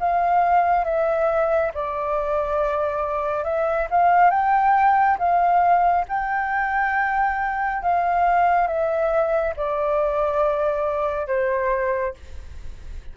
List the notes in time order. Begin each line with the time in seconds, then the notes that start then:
0.00 F5
0.85 E5
1.74 D5
3.45 E5
3.91 F5
4.31 G5
5.19 F5
6.09 G5
7.83 F5
8.68 E5
9.57 D5
11.28 C5